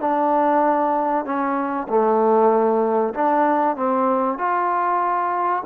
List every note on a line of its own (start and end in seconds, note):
0.00 1.25 D4
1.25 1.87 C#4
1.89 3.14 A3
3.14 3.76 D4
3.76 4.38 C4
4.38 5.63 F4